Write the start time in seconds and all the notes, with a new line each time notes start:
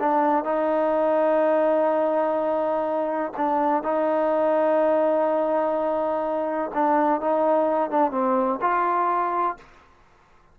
0.00 D4
0.45 D#4
3.37 D4
3.83 D#4
6.74 D4
7.21 D#4
7.91 D4
8.12 C4
8.61 F4